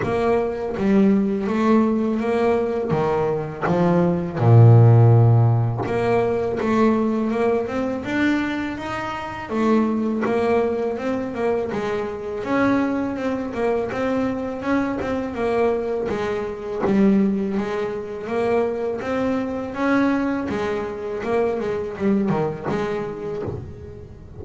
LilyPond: \new Staff \with { instrumentName = "double bass" } { \time 4/4 \tempo 4 = 82 ais4 g4 a4 ais4 | dis4 f4 ais,2 | ais4 a4 ais8 c'8 d'4 | dis'4 a4 ais4 c'8 ais8 |
gis4 cis'4 c'8 ais8 c'4 | cis'8 c'8 ais4 gis4 g4 | gis4 ais4 c'4 cis'4 | gis4 ais8 gis8 g8 dis8 gis4 | }